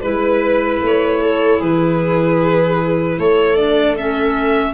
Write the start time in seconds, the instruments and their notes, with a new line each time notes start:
0.00 tuba G#3, clarinet E4, violin B4, viola B4
0.82 tuba A3, violin C#5
1.22 viola A4
1.59 tuba E3, viola G#4, violin B4
3.19 tuba A3, viola A4, violin C#5
3.56 clarinet D4, violin D5
3.97 clarinet C#4, violin E5